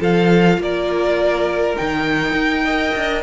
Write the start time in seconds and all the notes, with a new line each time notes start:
0.00 F3 F4 A4 F5
0.58 A#3 A#4 D5
1.76 D#3 D#4 G5
2.32 D#4
2.64 A#4 D#5
2.95 D4